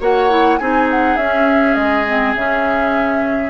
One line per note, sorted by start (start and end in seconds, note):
0.00 0.59 A#3
0.00 0.29 F#4
0.00 0.59 C#5
0.00 0.58 F#5
0.29 0.58 E4
0.58 1.16 C4
0.58 1.19 D#4
0.58 3.50 G#4
0.58 0.87 G#5
0.90 1.16 F#5
1.16 1.75 C#4
1.16 2.06 C#4
1.16 1.74 E5
1.74 2.34 G#3
1.74 2.33 D#5
2.06 2.36 C4
2.35 3.50 C#3
2.35 3.50 C#4
2.35 3.50 E5